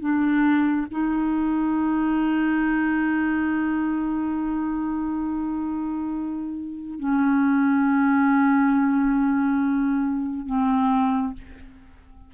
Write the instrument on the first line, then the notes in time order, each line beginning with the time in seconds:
clarinet
0.00 D4
0.91 D#4
7.00 C#4
10.46 C4